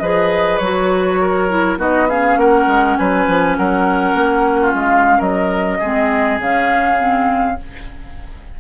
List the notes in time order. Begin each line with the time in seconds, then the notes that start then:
0.00 F3 G#4 B4 D#5
0.58 F#3 F#4 C#5
1.21 A#4
1.49 E4
1.77 B3 D#4 F#4 D#5
2.09 C#4 G#4 F5
2.37 A#3 A#4 F#5
2.67 G#3
2.97 F#3 B4 G#5
3.27 F3
3.56 F#3 A#4 F#5
4.14 A#3
4.61 F4
4.74 G#3 F5
5.18 F#3 A#4 D#5
5.79 G#3 C4 G#4
6.39 C#3 C#4 F5
6.98 C4